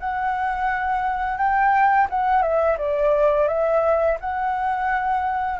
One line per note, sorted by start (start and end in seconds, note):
0.00 1.38 F#5
1.38 2.08 G5
2.10 2.43 F#5
2.43 2.77 E5
2.78 3.48 D5
3.48 4.18 E5
4.21 5.60 F#5